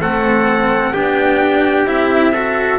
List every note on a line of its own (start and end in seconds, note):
0.00 0.94 A3
0.00 0.94 C4
0.00 0.94 A4
0.00 0.94 F#5
0.94 1.85 B3
0.94 1.86 D4
0.94 2.33 G4
0.94 1.88 G5
1.85 2.79 C4
1.85 2.33 E4
1.85 2.79 E5
2.33 2.79 F#4
2.33 2.79 A4